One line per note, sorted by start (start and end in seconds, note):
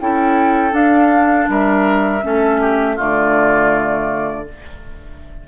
0.00 0.72 C#4
0.00 0.71 E4
0.00 1.50 A4
0.00 0.74 G5
0.71 2.19 D4
0.71 1.46 D4
0.71 1.48 F5
1.48 2.22 G3
1.48 2.24 A#4
1.48 2.99 E5
2.23 2.99 A3
2.23 2.97 C#4
2.23 2.60 A4
2.60 2.96 G4
2.96 4.47 D3
2.96 4.45 A3
2.96 4.44 F4
2.96 4.47 D5